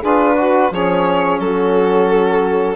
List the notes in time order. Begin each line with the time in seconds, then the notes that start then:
0.00 D4 F4 G#4 B4
0.36 F#4
0.72 F3 C#4 G#4 C#5
1.40 F#3 F#4 A4